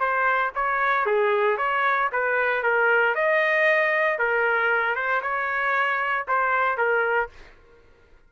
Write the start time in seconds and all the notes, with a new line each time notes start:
0.00 C5
0.55 C#5
1.06 G#4
1.58 C#5
2.12 B4
2.63 A#4
3.15 D#5
4.19 A#4
4.95 C5
5.22 C#5
6.28 C5
6.78 A#4